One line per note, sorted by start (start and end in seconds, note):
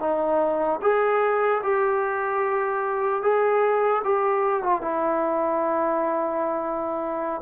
0.00 0.80 D#4
0.82 1.62 G#4
1.63 3.23 G4
3.23 4.03 G#4
4.04 4.63 G4
4.63 4.82 F4
4.82 7.42 E4